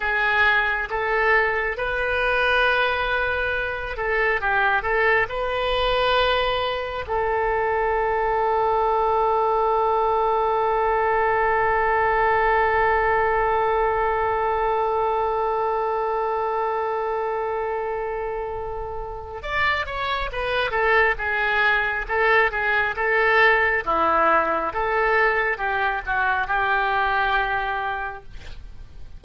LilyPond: \new Staff \with { instrumentName = "oboe" } { \time 4/4 \tempo 4 = 68 gis'4 a'4 b'2~ | b'8 a'8 g'8 a'8 b'2 | a'1~ | a'1~ |
a'1~ | a'2 d''8 cis''8 b'8 a'8 | gis'4 a'8 gis'8 a'4 e'4 | a'4 g'8 fis'8 g'2 | }